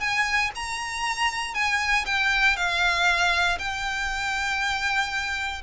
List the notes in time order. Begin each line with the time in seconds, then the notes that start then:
0.00 G#5
0.55 A#5
1.54 G#5
2.06 G5
2.56 F5
3.59 G5